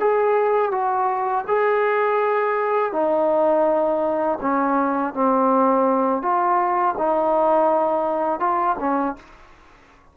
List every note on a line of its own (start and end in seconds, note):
0.00 0.72 G#4
0.72 1.45 F#4
1.48 2.92 G#4
2.92 4.39 D#4
4.41 5.14 C#4
5.14 6.22 C4
6.22 6.95 F4
6.98 8.40 D#4
8.40 8.76 F4
8.80 9.16 C#4